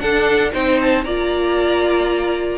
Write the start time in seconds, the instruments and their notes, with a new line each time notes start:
0.00 viola D4, cello D4, violin A4 F#5
0.53 cello C4, viola D#4, violin C5 G5
0.81 violin A5
1.04 cello A#3, viola F4, violin D5 A#5